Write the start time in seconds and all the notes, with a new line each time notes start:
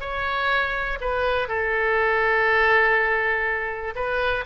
0.00 C#5
1.00 B4
1.48 A4
3.95 B4